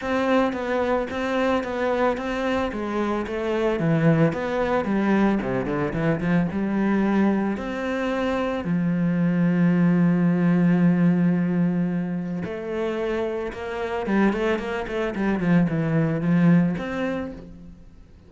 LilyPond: \new Staff \with { instrumentName = "cello" } { \time 4/4 \tempo 4 = 111 c'4 b4 c'4 b4 | c'4 gis4 a4 e4 | b4 g4 c8 d8 e8 f8 | g2 c'2 |
f1~ | f2. a4~ | a4 ais4 g8 a8 ais8 a8 | g8 f8 e4 f4 c'4 | }